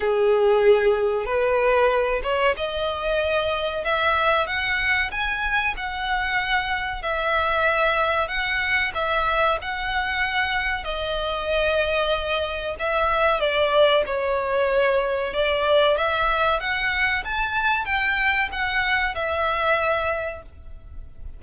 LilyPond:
\new Staff \with { instrumentName = "violin" } { \time 4/4 \tempo 4 = 94 gis'2 b'4. cis''8 | dis''2 e''4 fis''4 | gis''4 fis''2 e''4~ | e''4 fis''4 e''4 fis''4~ |
fis''4 dis''2. | e''4 d''4 cis''2 | d''4 e''4 fis''4 a''4 | g''4 fis''4 e''2 | }